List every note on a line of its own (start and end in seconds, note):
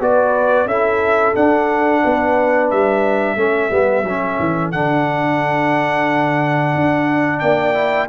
0.00 0.66 B3
0.00 0.68 F#4
0.00 0.67 B4
0.00 0.68 D5
0.66 1.33 C#4
0.66 1.35 E4
0.66 2.02 A4
0.66 1.35 E5
1.35 3.37 D4
1.35 2.03 D4
1.35 2.70 F#5
2.03 2.72 B3
2.03 3.37 B4
2.70 3.36 G3
2.70 4.71 E5
3.36 3.70 A3
3.36 3.70 C#4
3.36 7.40 A4
3.70 4.04 G3
3.70 4.04 B3
4.04 4.37 F#3
4.04 4.73 C#4
4.39 4.73 E3
4.71 6.75 D3
4.71 7.74 D4
4.71 7.39 F#5
6.75 7.42 D4
7.39 8.08 A#3
7.39 8.07 D5
7.39 8.07 G5
7.74 8.08 E4